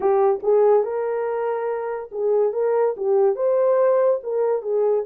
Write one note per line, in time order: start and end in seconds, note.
0.00 0.40 G4
0.42 0.83 G#4
0.83 2.10 A#4
2.11 2.52 G#4
2.52 2.95 A#4
2.97 3.35 G4
3.35 4.20 C5
4.23 4.61 A#4
4.61 5.04 G#4